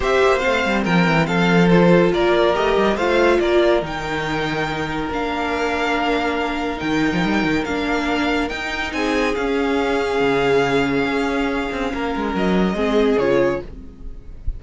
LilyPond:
<<
  \new Staff \with { instrumentName = "violin" } { \time 4/4 \tempo 4 = 141 e''4 f''4 g''4 f''4 | c''4 d''4 dis''4 f''4 | d''4 g''2. | f''1 |
g''2 f''2 | g''4 gis''4 f''2~ | f''1~ | f''4 dis''2 cis''4 | }
  \new Staff \with { instrumentName = "violin" } { \time 4/4 c''2 ais'4 a'4~ | a'4 ais'2 c''4 | ais'1~ | ais'1~ |
ais'1~ | ais'4 gis'2.~ | gis'1 | ais'2 gis'2 | }
  \new Staff \with { instrumentName = "viola" } { \time 4/4 g'4 c'2. | f'2 g'4 f'4~ | f'4 dis'2. | d'1 |
dis'2 d'2 | dis'2 cis'2~ | cis'1~ | cis'2 c'4 f'4 | }
  \new Staff \with { instrumentName = "cello" } { \time 4/4 c'8 ais8 a8 g8 f8 e8 f4~ | f4 ais4 a8 g8 a4 | ais4 dis2. | ais1 |
dis8. f16 g8 dis8 ais2 | dis'4 c'4 cis'2 | cis2 cis'4. c'8 | ais8 gis8 fis4 gis4 cis4 | }
>>